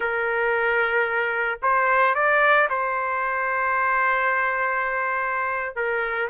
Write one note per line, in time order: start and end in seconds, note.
0.00 1.59 A#4
1.62 2.15 C5
2.15 2.68 D5
2.69 5.75 C5
5.75 6.29 A#4